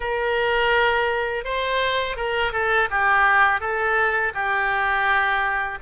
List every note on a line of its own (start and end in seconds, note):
0.00 1.44 A#4
1.44 2.16 C5
2.16 2.52 A#4
2.52 2.88 A4
2.90 3.60 G4
3.60 4.32 A4
4.33 5.78 G4